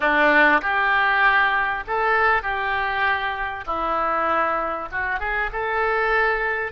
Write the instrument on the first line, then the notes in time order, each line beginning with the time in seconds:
oboe
0.00 D4
0.61 G4
1.87 A4
2.42 G4
3.66 E4
4.91 F#4
5.19 G#4
5.52 A4